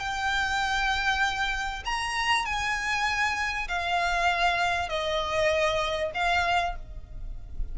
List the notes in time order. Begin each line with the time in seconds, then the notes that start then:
0.00 G5
1.85 A#5
2.46 G#5
3.69 F5
4.89 D#5
6.14 F5